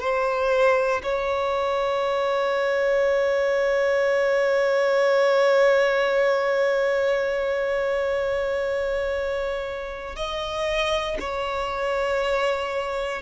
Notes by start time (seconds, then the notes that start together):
0.00 C5
1.03 C#5
10.16 D#5
11.20 C#5